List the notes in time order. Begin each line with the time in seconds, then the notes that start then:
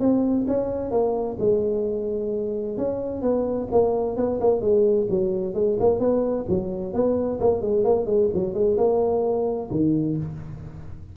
0.00 C4
0.48 C#4
0.91 A#3
1.39 G#3
2.78 C#4
3.22 B3
3.71 A#3
4.17 B3
4.41 A#3
4.61 G#3
5.10 F#3
5.54 G#3
5.80 A#3
5.99 B3
6.49 F#3
6.94 B3
7.40 A#3
7.61 G#3
7.84 A#3
8.06 G#3
8.34 F#3
8.54 G#3
8.78 A#3
9.70 D#3